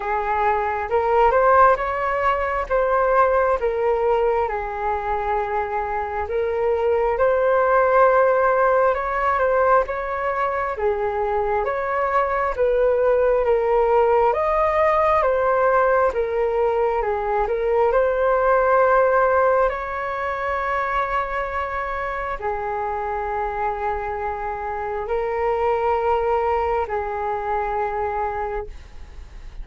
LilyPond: \new Staff \with { instrumentName = "flute" } { \time 4/4 \tempo 4 = 67 gis'4 ais'8 c''8 cis''4 c''4 | ais'4 gis'2 ais'4 | c''2 cis''8 c''8 cis''4 | gis'4 cis''4 b'4 ais'4 |
dis''4 c''4 ais'4 gis'8 ais'8 | c''2 cis''2~ | cis''4 gis'2. | ais'2 gis'2 | }